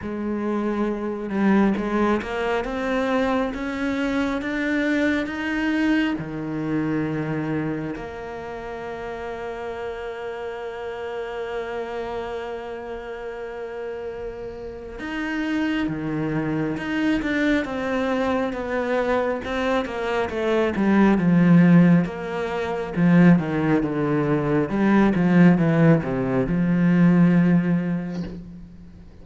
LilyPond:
\new Staff \with { instrumentName = "cello" } { \time 4/4 \tempo 4 = 68 gis4. g8 gis8 ais8 c'4 | cis'4 d'4 dis'4 dis4~ | dis4 ais2.~ | ais1~ |
ais4 dis'4 dis4 dis'8 d'8 | c'4 b4 c'8 ais8 a8 g8 | f4 ais4 f8 dis8 d4 | g8 f8 e8 c8 f2 | }